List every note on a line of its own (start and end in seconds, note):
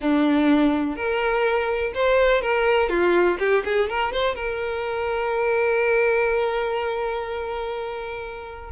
0.00 0.96 D4
0.96 1.92 A#4
1.94 2.41 C5
2.41 2.89 A#4
2.89 3.37 F4
3.39 3.63 G4
3.64 3.89 G#4
3.89 4.12 A#4
4.12 4.35 C5
4.35 8.71 A#4